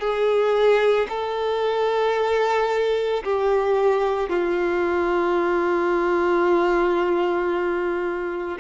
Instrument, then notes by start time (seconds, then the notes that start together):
violin
0.00 G#4
1.09 A4
3.24 G4
4.30 F4